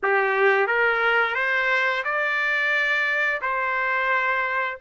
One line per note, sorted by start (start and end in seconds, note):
0.02 0.67 G4
0.67 1.35 A#4
1.35 2.03 C5
2.04 3.40 D5
3.41 4.78 C5